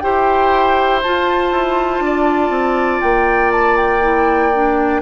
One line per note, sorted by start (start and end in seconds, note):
0.00 1.04 E4
0.00 1.02 G4
0.00 2.04 C5
0.00 1.00 G5
1.03 4.02 F4
1.03 1.52 F4
1.03 3.02 A5
1.52 2.00 E4
2.00 2.50 D4
2.06 5.02 D5
2.50 3.00 C4
3.02 5.02 A#3
3.02 3.52 G5
3.52 3.77 A5
3.77 5.02 G5
4.02 4.52 E4
4.54 5.02 D4